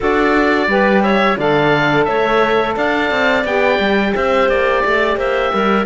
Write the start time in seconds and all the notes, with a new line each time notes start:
0.00 D4 F#4 A4 D5
0.67 G3 G4 B4
1.03 C#5 E5
1.37 D3 A4 D5 F5
2.04 A3 C#5 E5
2.76 D4 D5 F5
3.10 C4
3.44 B3 G4 G5
3.79 G3
4.14 C4 C5 E5
4.48 A#3 D5
4.83 A3 D5
5.16 A#3 C5 E5
5.53 G3 A#4